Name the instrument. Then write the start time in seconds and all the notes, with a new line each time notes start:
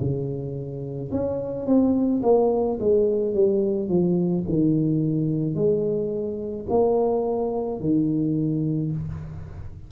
tuba
0.00 C#3
1.11 C#4
1.66 C4
2.22 A#3
2.80 G#3
3.34 G3
3.89 F3
4.48 D#3
5.55 G#3
6.69 A#3
7.80 D#3